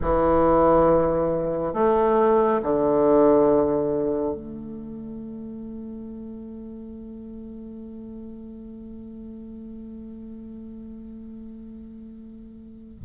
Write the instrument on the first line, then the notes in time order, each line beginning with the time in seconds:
bassoon
0.01 E3
1.74 A3
2.62 D3
4.34 A3